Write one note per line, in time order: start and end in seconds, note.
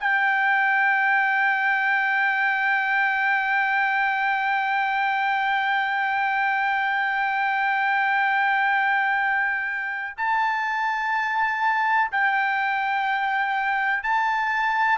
0.00 10.16 G5
10.17 12.11 A5
12.11 14.03 G5
14.03 14.98 A5